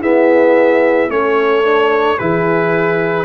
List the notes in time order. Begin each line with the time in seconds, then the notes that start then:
0.00 B3 E4 G#4 E5
1.08 A3 C#4 A4 C#5
1.63 D4
2.18 E3 E4 G#4 B4